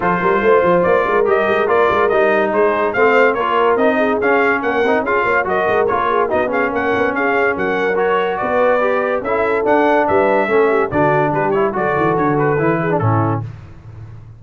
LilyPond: <<
  \new Staff \with { instrumentName = "trumpet" } { \time 4/4 \tempo 4 = 143 c''2 d''4 dis''4 | d''4 dis''4 c''4 f''4 | cis''4 dis''4 f''4 fis''4 | f''4 dis''4 cis''4 dis''8 f''8 |
fis''4 f''4 fis''4 cis''4 | d''2 e''4 fis''4 | e''2 d''4 b'8 cis''8 | d''4 cis''8 b'4. a'4 | }
  \new Staff \with { instrumentName = "horn" } { \time 4/4 a'8 ais'8 c''4. ais'4.~ | ais'2 gis'4 c''4 | ais'4. gis'4. ais'4 | gis'8 cis''8 ais'4. gis'8 fis'8 gis'8 |
ais'4 gis'4 ais'2 | b'2 a'2 | b'4 a'8 g'8 fis'4 g'4 | a'2~ a'8 gis'8 e'4 | }
  \new Staff \with { instrumentName = "trombone" } { \time 4/4 f'2. g'4 | f'4 dis'2 c'4 | f'4 dis'4 cis'4. dis'8 | f'4 fis'4 f'4 dis'8 cis'8~ |
cis'2. fis'4~ | fis'4 g'4 e'4 d'4~ | d'4 cis'4 d'4. e'8 | fis'2 e'8. d'16 cis'4 | }
  \new Staff \with { instrumentName = "tuba" } { \time 4/4 f8 g8 a8 f8 ais8 gis8 g8 gis8 | ais8 gis8 g4 gis4 a4 | ais4 c'4 cis'4 ais8 c'8 | cis'8 ais8 fis8 gis8 ais4 b4 |
ais8 b8 cis'4 fis2 | b2 cis'4 d'4 | g4 a4 d4 g4 | fis8 e8 d4 e4 a,4 | }
>>